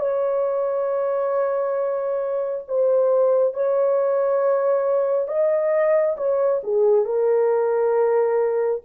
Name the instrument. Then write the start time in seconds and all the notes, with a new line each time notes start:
horn
0.00 C#5
2.68 C5
3.54 C#5
5.28 D#5
6.17 C#5
6.64 G#4
7.05 A#4